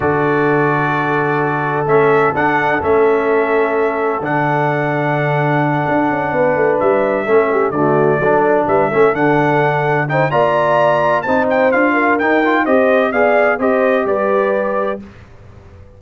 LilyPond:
<<
  \new Staff \with { instrumentName = "trumpet" } { \time 4/4 \tempo 4 = 128 d''1 | e''4 fis''4 e''2~ | e''4 fis''2.~ | fis''2~ fis''8 e''4.~ |
e''8 d''2 e''4 fis''8~ | fis''4. g''8 ais''2 | a''8 g''8 f''4 g''4 dis''4 | f''4 dis''4 d''2 | }
  \new Staff \with { instrumentName = "horn" } { \time 4/4 a'1~ | a'1~ | a'1~ | a'4. b'2 a'8 |
g'8 fis'4 a'4 b'8 a'4~ | a'4. c''8 d''2 | c''4. ais'4. c''4 | d''4 c''4 b'2 | }
  \new Staff \with { instrumentName = "trombone" } { \time 4/4 fis'1 | cis'4 d'4 cis'2~ | cis'4 d'2.~ | d'2.~ d'8 cis'8~ |
cis'8 a4 d'4. cis'8 d'8~ | d'4. dis'8 f'2 | dis'4 f'4 dis'8 f'8 g'4 | gis'4 g'2. | }
  \new Staff \with { instrumentName = "tuba" } { \time 4/4 d1 | a4 d'4 a2~ | a4 d2.~ | d8 d'8 cis'8 b8 a8 g4 a8~ |
a8 d4 fis4 g8 a8 d8~ | d2 ais2 | c'4 d'4 dis'4 c'4 | b4 c'4 g2 | }
>>